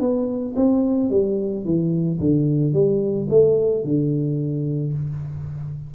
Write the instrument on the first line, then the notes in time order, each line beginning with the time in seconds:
tuba
0.00 B3
0.56 C4
1.10 G3
1.65 E3
2.20 D3
2.73 G3
3.30 A3
3.84 D3